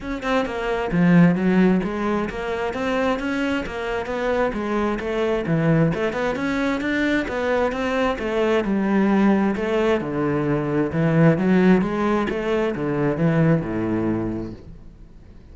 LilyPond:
\new Staff \with { instrumentName = "cello" } { \time 4/4 \tempo 4 = 132 cis'8 c'8 ais4 f4 fis4 | gis4 ais4 c'4 cis'4 | ais4 b4 gis4 a4 | e4 a8 b8 cis'4 d'4 |
b4 c'4 a4 g4~ | g4 a4 d2 | e4 fis4 gis4 a4 | d4 e4 a,2 | }